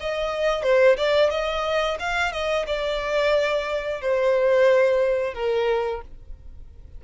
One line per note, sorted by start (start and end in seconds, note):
0.00 0.63 D#5
0.63 0.97 C5
0.97 1.30 D5
1.30 1.97 D#5
1.99 2.32 F5
2.32 2.65 D#5
2.66 4.01 D5
4.01 5.34 C5
5.34 6.01 A#4